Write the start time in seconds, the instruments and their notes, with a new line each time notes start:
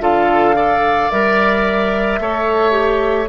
0.00 bassoon D3, clarinet F4, oboe A4, flute F5
0.55 clarinet A4, oboe D5
1.11 bassoon G3, clarinet A#4, flute E5
2.19 bassoon A3, clarinet A4, oboe C#5
2.71 clarinet G4